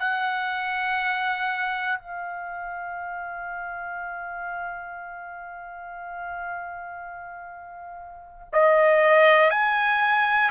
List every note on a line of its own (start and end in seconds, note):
0.00 2.00 F#5
2.00 8.50 F5
8.54 9.51 D#5
9.51 10.51 G#5